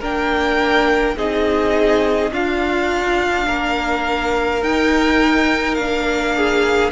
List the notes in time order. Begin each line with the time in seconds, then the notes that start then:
0.00 A#3 D4 A#4 G5
1.16 C4 D#4 G#4 D#5
2.31 D4 F4 F5
3.47 A#3 A#4
4.62 D#4 G5
5.75 A#3 D4 F5
6.36 G#4